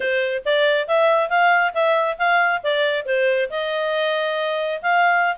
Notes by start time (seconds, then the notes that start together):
0.00 C5
0.45 D5
0.87 E5
1.29 F5
1.73 E5
2.18 F5
2.63 D5
3.05 C5
3.50 D#5
4.82 F5